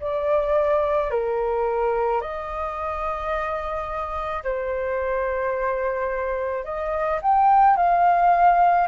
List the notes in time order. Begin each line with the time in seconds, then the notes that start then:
0.00 D5
1.11 A#4
2.21 D#5
4.43 C5
6.65 D#5
7.22 G5
7.77 F5